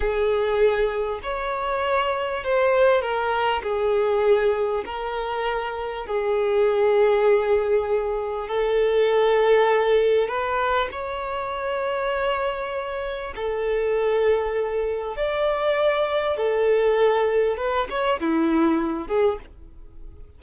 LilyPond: \new Staff \with { instrumentName = "violin" } { \time 4/4 \tempo 4 = 99 gis'2 cis''2 | c''4 ais'4 gis'2 | ais'2 gis'2~ | gis'2 a'2~ |
a'4 b'4 cis''2~ | cis''2 a'2~ | a'4 d''2 a'4~ | a'4 b'8 cis''8 e'4. gis'8 | }